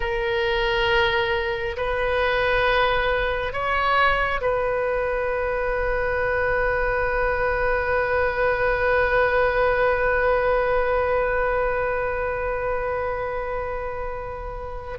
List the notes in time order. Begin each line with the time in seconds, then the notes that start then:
0.00 A#4
1.76 B4
3.52 C#5
4.41 B4